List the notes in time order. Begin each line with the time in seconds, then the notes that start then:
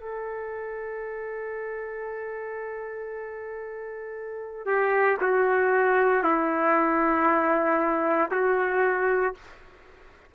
0.00 A4
4.66 G4
5.21 F#4
6.24 E4
8.31 F#4